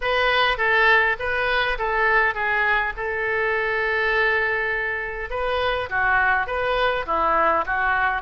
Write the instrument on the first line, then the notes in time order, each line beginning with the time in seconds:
oboe
0.01 B4
0.57 A4
1.19 B4
1.78 A4
2.34 G#4
2.97 A4
5.30 B4
5.89 F#4
6.47 B4
7.06 E4
7.66 F#4